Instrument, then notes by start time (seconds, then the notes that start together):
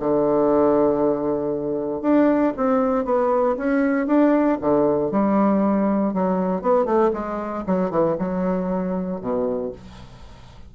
bassoon
0.00 D3
2.02 D4
2.57 C4
3.05 B3
3.58 C#4
4.07 D4
4.61 D3
5.11 G3
6.14 F#3
6.62 B3
6.86 A3
7.14 G#3
7.67 F#3
7.91 E3
8.19 F#3
9.21 B2